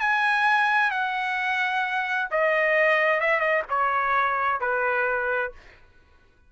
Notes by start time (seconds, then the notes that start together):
0.00 G#5
0.91 F#5
2.31 D#5
3.21 E5
3.40 D#5
3.69 C#5
4.60 B4